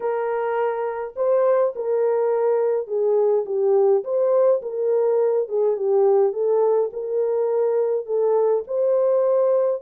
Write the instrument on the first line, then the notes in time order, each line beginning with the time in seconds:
horn
0.00 A#4
1.16 C5
1.75 A#4
2.87 G#4
3.45 G4
4.04 C5
4.62 A#4
5.48 G#4
5.76 G4
6.32 A4
6.92 A#4
8.06 A4
8.67 C5